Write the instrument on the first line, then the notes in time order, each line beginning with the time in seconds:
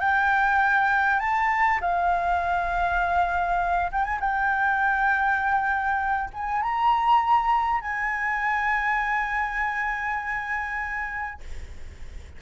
flute
0.00 G5
1.19 A5
1.81 F5
3.92 G5
4.04 G#5
4.20 G5
6.34 G#5
6.62 A#5
7.81 G#5